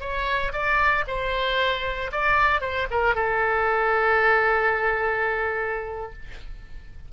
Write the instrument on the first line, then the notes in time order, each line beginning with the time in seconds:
oboe
0.00 C#5
0.52 D5
1.07 C5
2.12 D5
2.61 C5
2.90 A#4
3.15 A4